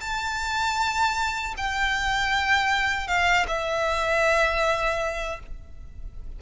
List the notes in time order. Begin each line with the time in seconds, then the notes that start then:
0.00 A5
1.57 G5
3.07 F5
3.47 E5